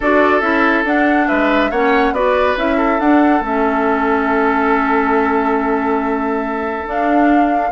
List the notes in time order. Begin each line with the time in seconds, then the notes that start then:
0.00 D4 F#4 A4 D5
0.40 C#4 E4 E5
0.84 D4 F#5
1.27 G#3 B4 E5
1.70 A#3 C#4 C#5 F#5
2.12 B3 F#4 B4 D5
2.56 C#4 E4 E5
2.77 A4
2.99 D4 F#5
3.40 A3 C#4 E5
6.86 D4 F5